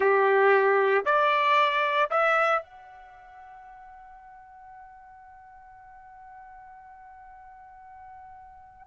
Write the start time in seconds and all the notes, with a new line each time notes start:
0.00 G4
1.05 D5
2.10 E5
2.62 F#5